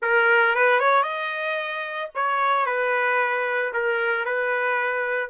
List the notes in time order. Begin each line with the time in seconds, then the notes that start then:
0.02 A#4
0.55 B4
0.79 C#5
1.02 D#5
2.14 C#5
2.65 B4
3.73 A#4
4.25 B4